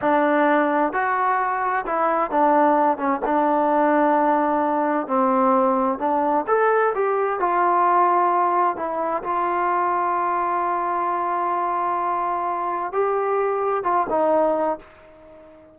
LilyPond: \new Staff \with { instrumentName = "trombone" } { \time 4/4 \tempo 4 = 130 d'2 fis'2 | e'4 d'4. cis'8 d'4~ | d'2. c'4~ | c'4 d'4 a'4 g'4 |
f'2. e'4 | f'1~ | f'1 | g'2 f'8 dis'4. | }